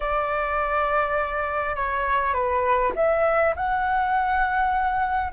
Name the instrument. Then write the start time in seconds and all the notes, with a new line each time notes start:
flute
0.00 D5
1.75 C#5
2.33 B4
2.95 E5
3.56 F#5